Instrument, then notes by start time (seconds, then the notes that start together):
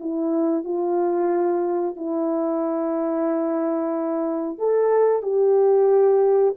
horn
0.00 E4
0.64 F4
1.96 E4
4.58 A4
5.22 G4